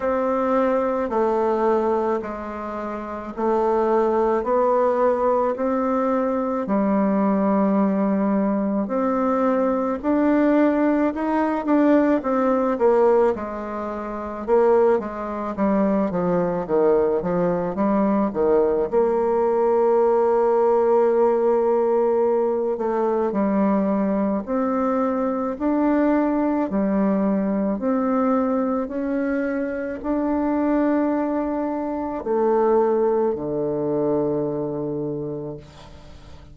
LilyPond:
\new Staff \with { instrumentName = "bassoon" } { \time 4/4 \tempo 4 = 54 c'4 a4 gis4 a4 | b4 c'4 g2 | c'4 d'4 dis'8 d'8 c'8 ais8 | gis4 ais8 gis8 g8 f8 dis8 f8 |
g8 dis8 ais2.~ | ais8 a8 g4 c'4 d'4 | g4 c'4 cis'4 d'4~ | d'4 a4 d2 | }